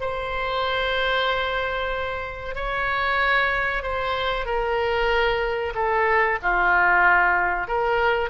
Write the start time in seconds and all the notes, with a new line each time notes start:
0.00 C5
2.55 C#5
3.83 C5
4.45 A#4
5.74 A4
6.42 F4
7.67 A#4